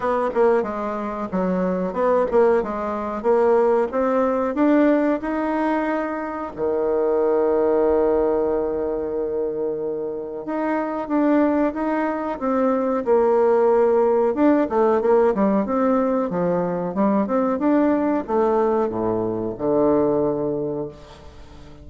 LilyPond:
\new Staff \with { instrumentName = "bassoon" } { \time 4/4 \tempo 4 = 92 b8 ais8 gis4 fis4 b8 ais8 | gis4 ais4 c'4 d'4 | dis'2 dis2~ | dis1 |
dis'4 d'4 dis'4 c'4 | ais2 d'8 a8 ais8 g8 | c'4 f4 g8 c'8 d'4 | a4 a,4 d2 | }